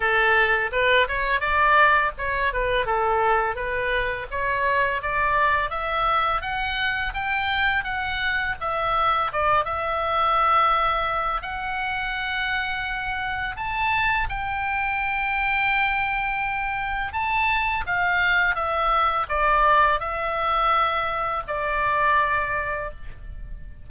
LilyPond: \new Staff \with { instrumentName = "oboe" } { \time 4/4 \tempo 4 = 84 a'4 b'8 cis''8 d''4 cis''8 b'8 | a'4 b'4 cis''4 d''4 | e''4 fis''4 g''4 fis''4 | e''4 d''8 e''2~ e''8 |
fis''2. a''4 | g''1 | a''4 f''4 e''4 d''4 | e''2 d''2 | }